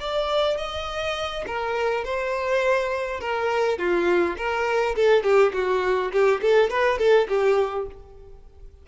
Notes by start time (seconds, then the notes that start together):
0.00 D5
0.57 D#5
1.47 A#4
2.04 C5
3.21 A#4
3.79 F4
4.37 A#4
4.96 A4
5.23 G4
5.54 F#4
6.12 G4
6.42 A4
6.70 B4
6.99 A4
7.28 G4